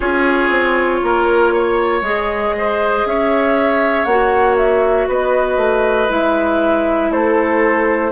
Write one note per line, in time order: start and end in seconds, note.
0.00 0.49 C#4
0.00 2.02 F4
0.00 1.00 G#4
0.00 2.02 C#5
0.49 1.00 C4
1.03 2.01 A#3
1.03 1.53 A#4
1.53 2.55 C#5
2.01 3.03 G#3
2.01 4.07 G#4
2.01 3.06 D#5
2.57 3.08 C5
3.05 4.05 C#4
3.05 5.08 C#5
3.05 4.04 E5
4.04 5.07 A#3
4.04 6.08 F#4
4.04 4.55 F#5
4.57 5.07 E5
5.07 5.57 B3
5.07 7.10 B4
5.07 6.11 D#5
5.57 6.07 A3
6.08 7.10 G#3
6.08 8.11 E4
6.08 7.12 E5
7.10 8.11 A3
7.10 8.11 A4
7.10 8.11 C5